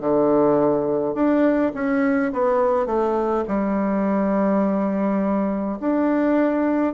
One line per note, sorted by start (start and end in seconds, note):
0.00 1.14 D3
1.14 1.72 D4
1.74 2.32 C#4
2.32 2.86 B3
2.86 3.44 A3
3.48 5.78 G3
5.80 6.93 D4